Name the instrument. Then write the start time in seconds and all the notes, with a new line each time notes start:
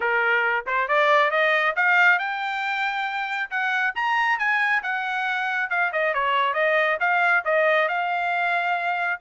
trumpet
0.00 A#4
0.66 C5
0.88 D5
1.30 D#5
1.75 F5
2.18 G5
3.50 F#5
3.95 A#5
4.38 G#5
4.82 F#5
5.69 F5
5.92 D#5
6.13 C#5
6.53 D#5
7.00 F5
7.44 D#5
7.88 F5